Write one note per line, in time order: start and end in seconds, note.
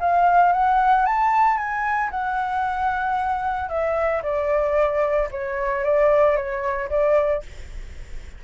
0.00 0.53 F5
0.53 1.06 F#5
1.06 1.57 A5
1.57 2.10 G#5
2.11 3.69 F#5
3.69 4.22 E5
4.23 5.29 D5
5.31 5.84 C#5
5.84 6.36 D5
6.36 6.89 C#5
6.90 7.43 D5